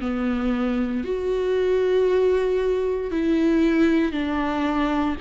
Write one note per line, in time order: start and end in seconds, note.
0.00 1.03 B3
1.04 3.11 F#4
3.11 4.12 E4
4.12 5.15 D4